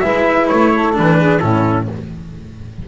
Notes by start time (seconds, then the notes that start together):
0.00 G#3 E4 B4 E5
0.48 A3 C#5
0.72 A4
0.93 E3 D4 B4
1.18 G#4
1.40 A2 C#4 E4 A4